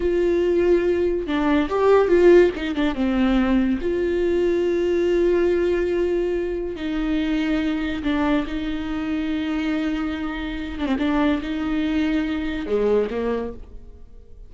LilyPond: \new Staff \with { instrumentName = "viola" } { \time 4/4 \tempo 4 = 142 f'2. d'4 | g'4 f'4 dis'8 d'8 c'4~ | c'4 f'2.~ | f'1 |
dis'2. d'4 | dis'1~ | dis'4. d'16 c'16 d'4 dis'4~ | dis'2 gis4 ais4 | }